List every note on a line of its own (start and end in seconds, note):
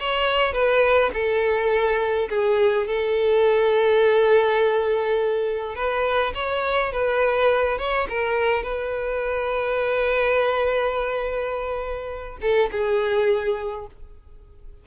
0.00 0.53 C#5
0.53 1.11 B4
1.14 2.29 A4
2.29 2.87 G#4
2.87 5.76 A4
5.76 6.34 B4
6.35 6.93 C#5
6.93 7.79 B4
7.79 8.07 C#5
8.09 8.63 A#4
8.63 12.38 B4
12.42 12.71 A4
12.72 13.87 G#4